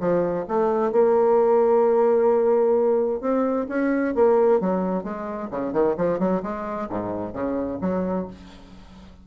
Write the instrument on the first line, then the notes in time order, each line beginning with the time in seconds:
bassoon
0.00 F3
0.48 A3
0.92 A#3
3.21 C4
3.69 C#4
4.15 A#3
4.61 F#3
5.04 G#3
5.51 C#3
5.73 D#3
5.97 F3
6.19 F#3
6.43 G#3
6.90 G#2
7.33 C#3
7.81 F#3